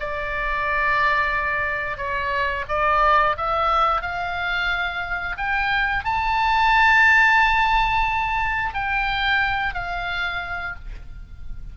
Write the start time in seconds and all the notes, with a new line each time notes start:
0.00 D5
1.97 C#5
2.68 D5
3.37 E5
4.01 F5
5.37 G5
6.04 A5
8.74 G5
9.74 F5